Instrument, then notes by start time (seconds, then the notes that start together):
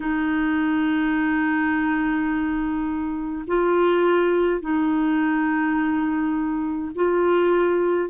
clarinet
0.00 D#4
3.47 F4
4.60 D#4
6.95 F4